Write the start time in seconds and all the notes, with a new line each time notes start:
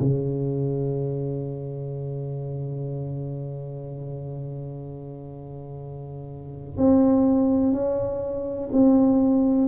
0.00 C#3
6.77 C4
7.73 C#4
8.72 C4